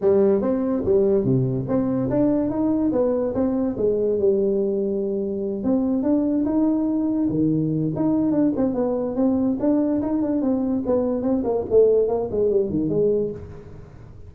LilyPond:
\new Staff \with { instrumentName = "tuba" } { \time 4/4 \tempo 4 = 144 g4 c'4 g4 c4 | c'4 d'4 dis'4 b4 | c'4 gis4 g2~ | g4. c'4 d'4 dis'8~ |
dis'4. dis4. dis'4 | d'8 c'8 b4 c'4 d'4 | dis'8 d'8 c'4 b4 c'8 ais8 | a4 ais8 gis8 g8 dis8 gis4 | }